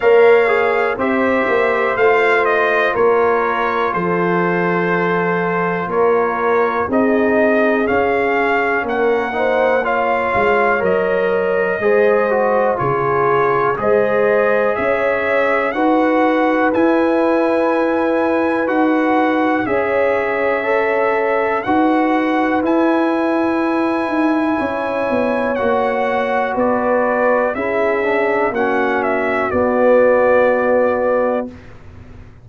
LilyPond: <<
  \new Staff \with { instrumentName = "trumpet" } { \time 4/4 \tempo 4 = 61 f''4 e''4 f''8 dis''8 cis''4 | c''2 cis''4 dis''4 | f''4 fis''4 f''4 dis''4~ | dis''4 cis''4 dis''4 e''4 |
fis''4 gis''2 fis''4 | e''2 fis''4 gis''4~ | gis''2 fis''4 d''4 | e''4 fis''8 e''8 d''2 | }
  \new Staff \with { instrumentName = "horn" } { \time 4/4 cis''4 c''2 ais'4 | a'2 ais'4 gis'4~ | gis'4 ais'8 c''8 cis''2 | c''4 gis'4 c''4 cis''4 |
b'1 | cis''2 b'2~ | b'4 cis''2 b'4 | gis'4 fis'2. | }
  \new Staff \with { instrumentName = "trombone" } { \time 4/4 ais'8 gis'8 g'4 f'2~ | f'2. dis'4 | cis'4. dis'8 f'4 ais'4 | gis'8 fis'8 f'4 gis'2 |
fis'4 e'2 fis'4 | gis'4 a'4 fis'4 e'4~ | e'2 fis'2 | e'8 d'8 cis'4 b2 | }
  \new Staff \with { instrumentName = "tuba" } { \time 4/4 ais4 c'8 ais8 a4 ais4 | f2 ais4 c'4 | cis'4 ais4. gis8 fis4 | gis4 cis4 gis4 cis'4 |
dis'4 e'2 dis'4 | cis'2 dis'4 e'4~ | e'8 dis'8 cis'8 b8 ais4 b4 | cis'4 ais4 b2 | }
>>